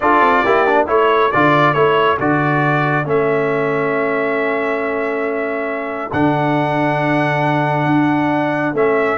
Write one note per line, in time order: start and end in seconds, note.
0.00 0.21 D4
0.00 0.45 F4
0.00 0.44 A4
0.00 0.87 D5
0.21 0.43 C4
0.44 0.88 A#3
0.44 0.66 E4
0.44 0.87 G4
0.66 0.86 D4
0.86 1.32 A3
0.86 1.30 E4
0.86 9.17 A4
0.86 1.31 C#5
1.31 1.74 D3
1.31 1.75 F4
1.31 1.73 D5
1.73 2.17 A3
1.73 2.19 E4
1.73 2.17 C#5
2.19 3.05 D3
2.19 3.04 F#4
2.19 3.07 D5
3.04 6.12 A3
3.04 6.10 C#4
3.04 6.12 E5
6.12 7.85 D3
6.12 8.74 D4
6.12 8.75 F#5
7.85 8.73 D4
8.73 9.16 A3
8.73 9.17 C#4
8.73 9.17 E5